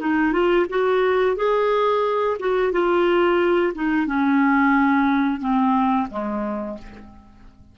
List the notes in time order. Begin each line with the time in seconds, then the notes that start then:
0.00 D#4
0.32 F4
0.70 F#4
1.36 G#4
2.39 F#4
2.72 F4
3.74 D#4
4.07 C#4
5.40 C4
6.10 G#3